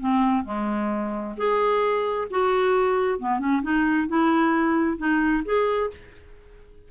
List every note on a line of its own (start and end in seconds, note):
0.00 0.45 C4
0.45 1.36 G#3
1.37 2.28 G#4
2.31 3.19 F#4
3.19 3.39 B3
3.39 3.62 C#4
3.63 4.08 D#4
4.08 4.98 E4
4.98 5.43 D#4
5.45 5.90 G#4